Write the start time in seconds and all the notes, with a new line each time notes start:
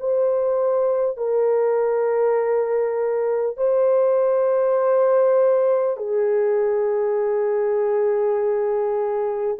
0.00 C5
1.17 A#4
3.57 C5
5.97 G#4